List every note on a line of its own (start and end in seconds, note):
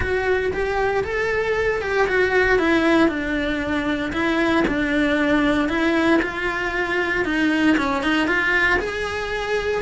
0.00 0.52 F#4
0.53 1.04 G4
1.04 1.81 A4
1.81 2.07 G4
2.07 2.58 F#4
2.58 3.08 E4
3.08 4.12 D4
4.12 4.64 E4
4.67 5.68 D4
5.68 6.20 E4
6.22 7.25 F4
7.25 7.76 D#4
7.77 8.02 C#4
8.02 8.27 D#4
8.27 8.79 F4
8.79 9.81 G#4